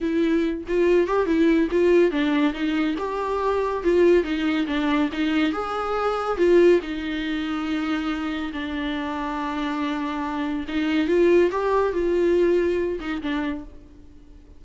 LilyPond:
\new Staff \with { instrumentName = "viola" } { \time 4/4 \tempo 4 = 141 e'4. f'4 g'8 e'4 | f'4 d'4 dis'4 g'4~ | g'4 f'4 dis'4 d'4 | dis'4 gis'2 f'4 |
dis'1 | d'1~ | d'4 dis'4 f'4 g'4 | f'2~ f'8 dis'8 d'4 | }